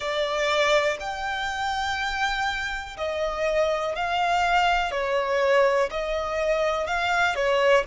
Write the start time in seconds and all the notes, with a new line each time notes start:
0.00 D5
1.00 G5
2.97 D#5
3.95 F5
4.91 C#5
5.90 D#5
6.86 F5
7.35 C#5